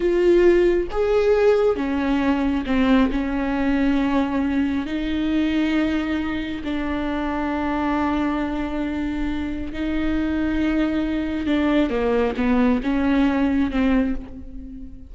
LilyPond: \new Staff \with { instrumentName = "viola" } { \time 4/4 \tempo 4 = 136 f'2 gis'2 | cis'2 c'4 cis'4~ | cis'2. dis'4~ | dis'2. d'4~ |
d'1~ | d'2 dis'2~ | dis'2 d'4 ais4 | b4 cis'2 c'4 | }